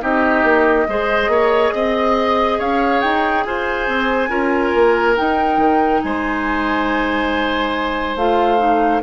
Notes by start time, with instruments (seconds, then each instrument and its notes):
0.00 bassoon C4, clarinet D#4, oboe G4, flute D#5
0.43 bassoon A#3
0.88 bassoon G#3, clarinet G#4, oboe C5
1.28 bassoon A#3, oboe C#5
1.74 bassoon C4, oboe D#5
2.59 bassoon C#4, oboe C#5, flute F5
3.01 bassoon D#4, flute G5
3.44 bassoon F4, oboe C5, flute G#5
3.88 bassoon C4
4.29 bassoon C#4, clarinet F4, oboe A#4
4.75 bassoon A#3
5.16 clarinet D#4, bassoon D#4, flute G5
5.57 bassoon D#3
6.02 bassoon G#3, oboe C5, flute G#5
8.16 bassoon A3, clarinet F4, flute F5
8.58 clarinet D#4